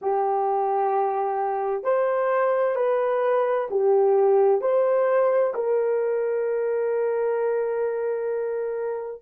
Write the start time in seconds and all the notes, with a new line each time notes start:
0.01 G4
1.83 C5
2.75 B4
3.70 G4
4.61 C5
5.54 A#4